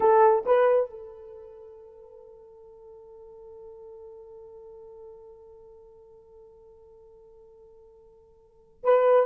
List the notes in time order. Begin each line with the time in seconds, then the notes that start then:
0.00 A4
0.45 B4
0.90 A4
8.83 B4